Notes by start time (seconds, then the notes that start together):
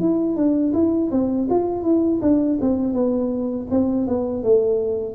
0.00 E4
0.36 D4
0.74 E4
1.11 C4
1.51 F4
1.83 E4
2.22 D4
2.61 C4
2.94 B3
3.71 C4
4.08 B3
4.44 A3